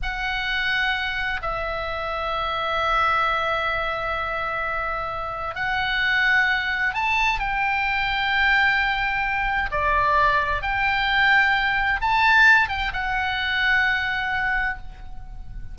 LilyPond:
\new Staff \with { instrumentName = "oboe" } { \time 4/4 \tempo 4 = 130 fis''2. e''4~ | e''1~ | e''1 | fis''2. a''4 |
g''1~ | g''4 d''2 g''4~ | g''2 a''4. g''8 | fis''1 | }